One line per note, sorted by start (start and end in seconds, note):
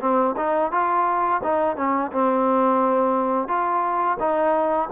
0.00 0.35 C4
0.36 0.71 D#4
0.71 1.41 F4
1.43 1.76 D#4
1.76 2.11 C#4
2.12 3.48 C4
3.48 4.17 F4
4.19 4.89 D#4